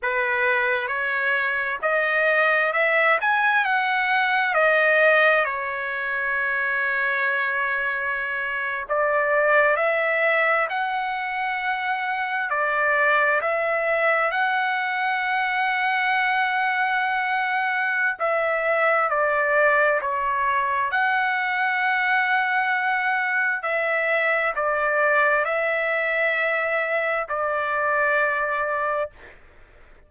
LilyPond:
\new Staff \with { instrumentName = "trumpet" } { \time 4/4 \tempo 4 = 66 b'4 cis''4 dis''4 e''8 gis''8 | fis''4 dis''4 cis''2~ | cis''4.~ cis''16 d''4 e''4 fis''16~ | fis''4.~ fis''16 d''4 e''4 fis''16~ |
fis''1 | e''4 d''4 cis''4 fis''4~ | fis''2 e''4 d''4 | e''2 d''2 | }